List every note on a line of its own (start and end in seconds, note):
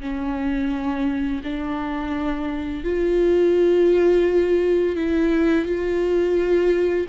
0.00 1.41 C#4
1.43 2.84 D4
2.84 4.96 F4
4.96 5.65 E4
5.65 7.06 F4